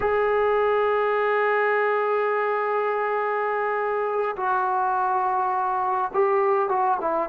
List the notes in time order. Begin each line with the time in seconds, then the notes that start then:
0.00 G#4
4.36 F#4
6.13 G4
6.68 F#4
7.00 E4